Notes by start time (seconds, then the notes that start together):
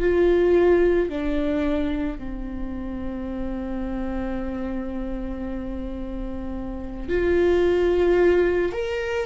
0.00 F4
1.10 D4
2.18 C4
7.09 F4
8.73 A#4